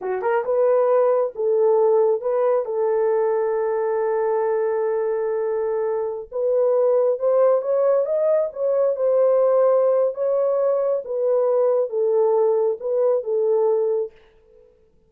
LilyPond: \new Staff \with { instrumentName = "horn" } { \time 4/4 \tempo 4 = 136 fis'8 ais'8 b'2 a'4~ | a'4 b'4 a'2~ | a'1~ | a'2~ a'16 b'4.~ b'16~ |
b'16 c''4 cis''4 dis''4 cis''8.~ | cis''16 c''2~ c''8. cis''4~ | cis''4 b'2 a'4~ | a'4 b'4 a'2 | }